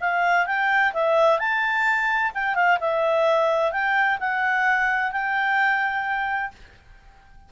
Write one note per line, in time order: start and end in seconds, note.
0.00 0.46 F5
0.46 0.92 G5
0.93 1.39 E5
1.39 2.32 A5
2.34 2.55 G5
2.55 2.78 F5
2.80 3.71 E5
3.71 4.18 G5
4.19 5.12 F#5
5.12 6.51 G5